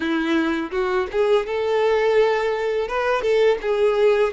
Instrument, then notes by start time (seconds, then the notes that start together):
violin
0.00 E4
0.71 F#4
1.11 G#4
1.46 A4
2.88 B4
3.22 A4
3.61 G#4